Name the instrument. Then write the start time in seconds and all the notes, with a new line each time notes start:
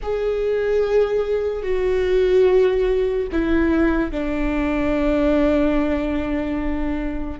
viola
0.02 G#4
1.62 F#4
3.31 E4
4.11 D4